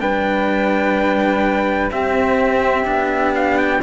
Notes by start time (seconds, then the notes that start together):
0.00 G3 D4 B4 G5
1.91 C4 G4 E5
2.85 B3 D4
3.35 F5
3.58 G5